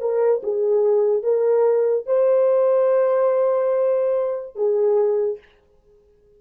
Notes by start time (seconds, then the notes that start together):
0.00 A#4
0.43 G#4
1.23 A#4
2.06 C5
4.55 G#4